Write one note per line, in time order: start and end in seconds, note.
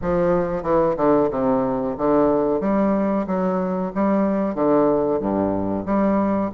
0.01 0.63 F3
0.63 0.95 E3
0.96 1.29 D3
1.30 1.95 C3
1.97 2.60 D3
2.60 3.25 G3
3.26 3.91 F#3
3.95 4.54 G3
4.54 5.19 D3
5.20 5.85 G2
5.85 6.50 G3